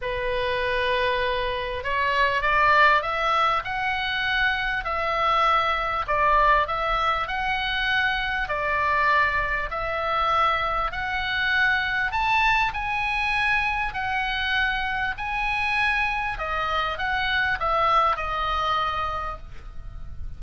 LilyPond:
\new Staff \with { instrumentName = "oboe" } { \time 4/4 \tempo 4 = 99 b'2. cis''4 | d''4 e''4 fis''2 | e''2 d''4 e''4 | fis''2 d''2 |
e''2 fis''2 | a''4 gis''2 fis''4~ | fis''4 gis''2 dis''4 | fis''4 e''4 dis''2 | }